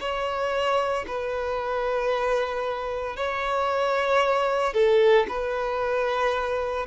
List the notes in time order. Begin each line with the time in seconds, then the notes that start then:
0.00 C#5
1.07 B4
3.16 C#5
4.73 A4
5.28 B4